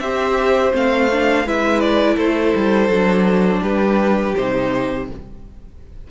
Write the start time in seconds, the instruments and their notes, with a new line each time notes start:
0.00 cello C4, viola G4, violin C5 E5
0.73 cello A3, viola C4, violin F5
1.12 viola D4
1.45 cello G#3, viola E4, violin B4 E5
1.81 violin D5
2.16 cello A3, violin A4 C5
2.56 cello G3
2.89 cello F#3, viola D4
3.62 cello G3, violin G4 B4
4.36 cello C3, viola D#4, violin C5